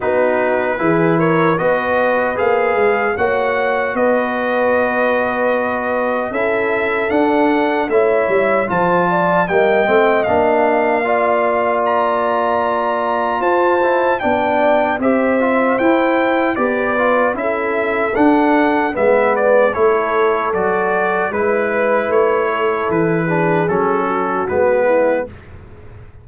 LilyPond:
<<
  \new Staff \with { instrumentName = "trumpet" } { \time 4/4 \tempo 4 = 76 b'4. cis''8 dis''4 f''4 | fis''4 dis''2. | e''4 fis''4 e''4 a''4 | g''4 f''2 ais''4~ |
ais''4 a''4 g''4 e''4 | g''4 d''4 e''4 fis''4 | e''8 d''8 cis''4 d''4 b'4 | cis''4 b'4 a'4 b'4 | }
  \new Staff \with { instrumentName = "horn" } { \time 4/4 fis'4 gis'8 ais'8 b'2 | cis''4 b'2. | a'2 cis''4 c''8 d''8 | dis''2 d''2~ |
d''4 c''4 d''4 c''4~ | c''4 b'4 a'2 | b'4 a'2 b'4~ | b'8 a'4 gis'4 fis'4 e'8 | }
  \new Staff \with { instrumentName = "trombone" } { \time 4/4 dis'4 e'4 fis'4 gis'4 | fis'1 | e'4 d'4 e'4 f'4 | ais8 c'8 d'4 f'2~ |
f'4. e'8 d'4 g'8 f'8 | e'4 g'8 f'8 e'4 d'4 | b4 e'4 fis'4 e'4~ | e'4. d'8 cis'4 b4 | }
  \new Staff \with { instrumentName = "tuba" } { \time 4/4 b4 e4 b4 ais8 gis8 | ais4 b2. | cis'4 d'4 a8 g8 f4 | g8 a8 ais2.~ |
ais4 f'4 b4 c'4 | e'4 b4 cis'4 d'4 | gis4 a4 fis4 gis4 | a4 e4 fis4 gis4 | }
>>